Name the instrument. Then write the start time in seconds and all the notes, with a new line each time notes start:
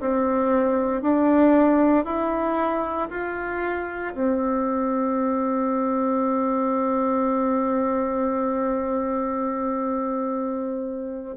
bassoon
0.00 C4
1.02 D4
2.05 E4
3.10 F4
4.14 C4